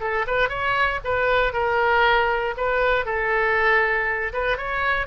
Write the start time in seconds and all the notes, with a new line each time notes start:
0.00 A4
0.27 B4
0.49 C#5
1.04 B4
1.53 A#4
2.57 B4
3.05 A4
4.33 B4
4.57 C#5